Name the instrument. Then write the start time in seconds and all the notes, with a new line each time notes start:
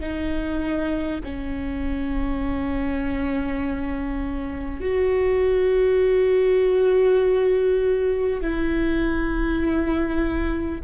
viola
0.00 D#4
1.23 C#4
4.81 F#4
8.41 E4